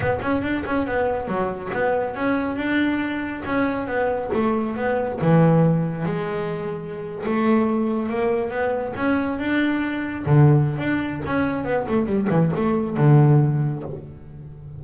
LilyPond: \new Staff \with { instrumentName = "double bass" } { \time 4/4 \tempo 4 = 139 b8 cis'8 d'8 cis'8 b4 fis4 | b4 cis'4 d'2 | cis'4 b4 a4 b4 | e2 gis2~ |
gis8. a2 ais4 b16~ | b8. cis'4 d'2 d16~ | d4 d'4 cis'4 b8 a8 | g8 e8 a4 d2 | }